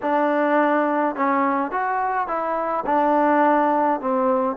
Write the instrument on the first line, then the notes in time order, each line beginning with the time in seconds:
trombone
0.02 D4
1.15 C#4
1.71 F#4
2.27 E4
2.86 D4
4.00 C4